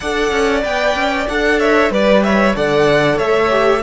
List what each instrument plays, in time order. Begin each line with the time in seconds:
0.00 cello D4, viola A4, violin D5 F#5
0.31 cello C#4
0.62 cello B3, viola B4, violin G5
0.95 cello C#4
1.28 cello D4, viola A4, violin F#5
1.59 violin C#5 E5
1.90 cello G3, violin B4 D5, viola B4
2.23 violin C#5 E5
2.54 cello D3, viola A4, violin D5 F#5
3.16 cello A3, violin C#5 E5
3.49 viola G4